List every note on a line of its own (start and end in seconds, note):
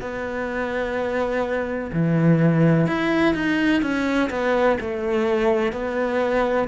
0.00 1.90 B3
1.92 2.86 E3
2.86 3.34 E4
3.34 3.81 D#4
3.82 4.29 C#4
4.29 4.77 B3
4.80 5.72 A3
5.72 6.68 B3